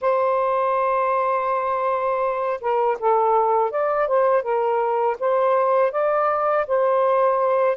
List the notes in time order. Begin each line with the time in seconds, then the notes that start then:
0.01 C5
2.60 A#4
2.99 A4
3.70 D5
4.07 C5
4.42 A#4
5.19 C5
5.91 D5
6.67 C5